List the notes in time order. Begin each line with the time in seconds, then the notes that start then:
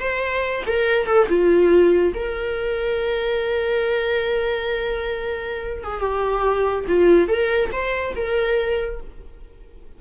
0.00 C5
0.67 A#4
1.06 A4
1.29 F4
2.14 A#4
5.84 G#4
6.01 G4
6.88 F4
7.28 A#4
7.72 C5
8.16 A#4